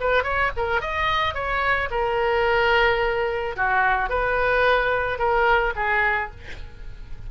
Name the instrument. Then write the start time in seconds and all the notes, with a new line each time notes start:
oboe
0.00 B4
0.23 C#5
0.57 A#4
0.81 D#5
1.34 C#5
1.90 A#4
3.56 F#4
4.09 B4
5.18 A#4
5.76 G#4